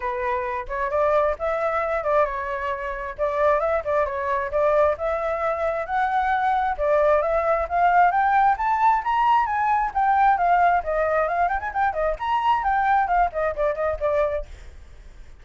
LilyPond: \new Staff \with { instrumentName = "flute" } { \time 4/4 \tempo 4 = 133 b'4. cis''8 d''4 e''4~ | e''8 d''8 cis''2 d''4 | e''8 d''8 cis''4 d''4 e''4~ | e''4 fis''2 d''4 |
e''4 f''4 g''4 a''4 | ais''4 gis''4 g''4 f''4 | dis''4 f''8 g''16 gis''16 g''8 dis''8 ais''4 | g''4 f''8 dis''8 d''8 dis''8 d''4 | }